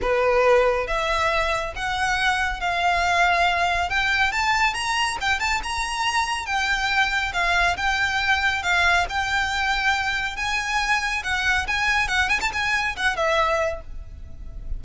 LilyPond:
\new Staff \with { instrumentName = "violin" } { \time 4/4 \tempo 4 = 139 b'2 e''2 | fis''2 f''2~ | f''4 g''4 a''4 ais''4 | g''8 a''8 ais''2 g''4~ |
g''4 f''4 g''2 | f''4 g''2. | gis''2 fis''4 gis''4 | fis''8 gis''16 a''16 gis''4 fis''8 e''4. | }